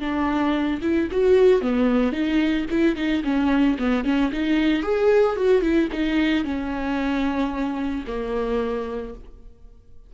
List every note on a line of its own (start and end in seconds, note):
0.00 0.80 D4
0.82 1.09 E4
1.12 1.61 F#4
1.61 2.13 B3
2.13 2.66 D#4
2.71 2.96 E4
2.96 3.23 D#4
3.24 3.78 C#4
3.79 4.04 B3
4.04 4.31 C#4
4.32 4.83 D#4
4.83 5.37 G#4
5.37 5.62 F#4
5.62 5.89 E4
5.92 6.44 D#4
6.44 8.05 C#4
8.07 9.14 A#3